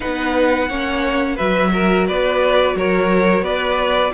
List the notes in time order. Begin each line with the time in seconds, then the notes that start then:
0.00 B3 D#4 B4 F#5
0.69 A#3 C#4 C#5
1.35 F#3 F#4 B4 E5
1.73 A#4
2.06 B3 B4 D5
2.74 F#3 A#4 C#5
3.41 B3 B4 D5